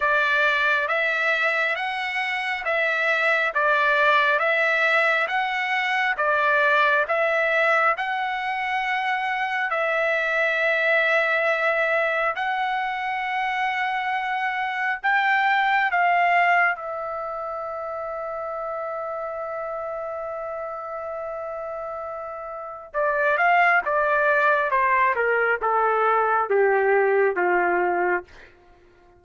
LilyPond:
\new Staff \with { instrumentName = "trumpet" } { \time 4/4 \tempo 4 = 68 d''4 e''4 fis''4 e''4 | d''4 e''4 fis''4 d''4 | e''4 fis''2 e''4~ | e''2 fis''2~ |
fis''4 g''4 f''4 e''4~ | e''1~ | e''2 d''8 f''8 d''4 | c''8 ais'8 a'4 g'4 f'4 | }